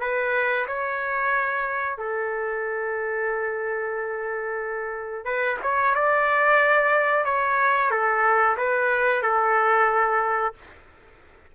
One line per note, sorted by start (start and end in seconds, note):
0.00 0.66 B4
0.67 1.97 C#5
1.97 5.24 A4
5.24 5.57 B4
5.63 5.95 C#5
5.95 7.24 D5
7.24 7.90 C#5
7.91 8.57 A4
8.57 9.22 B4
9.22 10.54 A4